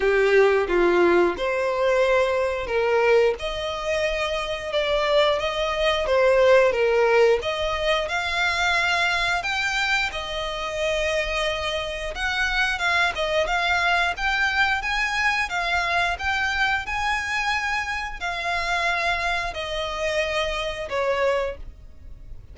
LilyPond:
\new Staff \with { instrumentName = "violin" } { \time 4/4 \tempo 4 = 89 g'4 f'4 c''2 | ais'4 dis''2 d''4 | dis''4 c''4 ais'4 dis''4 | f''2 g''4 dis''4~ |
dis''2 fis''4 f''8 dis''8 | f''4 g''4 gis''4 f''4 | g''4 gis''2 f''4~ | f''4 dis''2 cis''4 | }